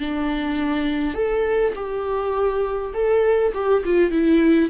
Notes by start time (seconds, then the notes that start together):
0.00 D4
1.14 A4
1.75 G4
2.94 A4
3.54 G4
3.85 F4
4.11 E4